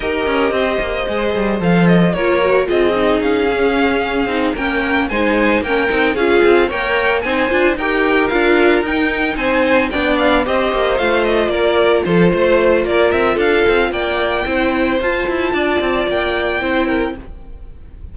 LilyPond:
<<
  \new Staff \with { instrumentName = "violin" } { \time 4/4 \tempo 4 = 112 dis''2. f''8 dis''8 | cis''4 dis''4 f''2~ | f''8 g''4 gis''4 g''4 f''8~ | f''8 g''4 gis''4 g''4 f''8~ |
f''8 g''4 gis''4 g''8 f''8 dis''8~ | dis''8 f''8 dis''8 d''4 c''4. | d''8 e''8 f''4 g''2 | a''2 g''2 | }
  \new Staff \with { instrumentName = "violin" } { \time 4/4 ais'4 c''2. | ais'4 gis'2.~ | gis'8 ais'4 c''4 ais'4 gis'8~ | gis'8 cis''4 c''4 ais'4.~ |
ais'4. c''4 d''4 c''8~ | c''4. ais'4 a'8 c''4 | ais'4 a'4 d''4 c''4~ | c''4 d''2 c''8 ais'8 | }
  \new Staff \with { instrumentName = "viola" } { \time 4/4 g'2 gis'4 a'4 | f'8 fis'8 f'8 dis'4 cis'4. | dis'8 cis'4 dis'4 cis'8 dis'8 f'8~ | f'8 ais'4 dis'8 f'8 g'4 f'8~ |
f'8 dis'2 d'4 g'8~ | g'8 f'2.~ f'8~ | f'2. e'4 | f'2. e'4 | }
  \new Staff \with { instrumentName = "cello" } { \time 4/4 dis'8 cis'8 c'8 ais8 gis8 g8 f4 | ais4 c'4 cis'2 | c'8 ais4 gis4 ais8 c'8 cis'8 | c'8 ais4 c'8 d'8 dis'4 d'8~ |
d'8 dis'4 c'4 b4 c'8 | ais8 a4 ais4 f8 a4 | ais8 c'8 d'8 c'8 ais4 c'4 | f'8 e'8 d'8 c'8 ais4 c'4 | }
>>